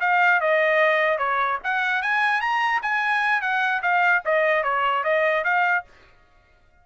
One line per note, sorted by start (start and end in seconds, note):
0.00 0.40 F5
0.40 1.18 D#5
1.18 1.58 C#5
1.63 2.02 F#5
2.02 2.41 G#5
2.41 2.81 A#5
2.82 3.41 G#5
3.41 3.81 F#5
3.82 4.22 F5
4.25 4.63 D#5
4.63 5.03 C#5
5.04 5.44 D#5
5.44 5.84 F5